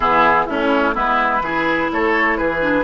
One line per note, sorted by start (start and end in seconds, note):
0.00 0.47 E3
0.00 0.48 B3
0.00 0.44 E4
0.00 0.46 G#4
0.46 0.96 A3
0.46 0.94 C#4
0.46 0.93 C#4
0.46 0.94 E4
0.93 1.40 G#3
0.93 1.41 B3
0.93 1.42 E4
0.93 1.91 B4
1.40 1.88 E3
1.40 2.60 E4
1.40 1.91 G#4
1.92 2.39 A3
1.92 2.38 A4
1.92 2.37 C#5
2.37 2.83 E3
2.37 2.83 G#4
2.37 2.83 B4
2.60 2.83 D4